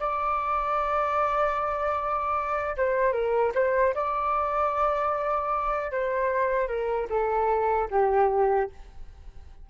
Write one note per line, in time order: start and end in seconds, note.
0.00 2.76 D5
2.77 3.13 C5
3.13 3.52 A#4
3.55 3.94 C5
3.95 5.92 D5
5.92 6.68 C5
6.68 7.08 A#4
7.10 7.89 A4
7.91 8.70 G4